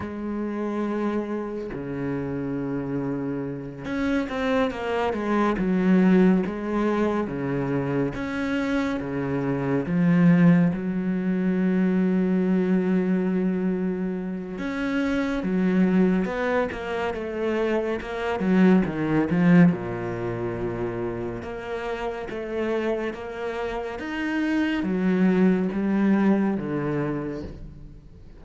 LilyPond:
\new Staff \with { instrumentName = "cello" } { \time 4/4 \tempo 4 = 70 gis2 cis2~ | cis8 cis'8 c'8 ais8 gis8 fis4 gis8~ | gis8 cis4 cis'4 cis4 f8~ | f8 fis2.~ fis8~ |
fis4 cis'4 fis4 b8 ais8 | a4 ais8 fis8 dis8 f8 ais,4~ | ais,4 ais4 a4 ais4 | dis'4 fis4 g4 d4 | }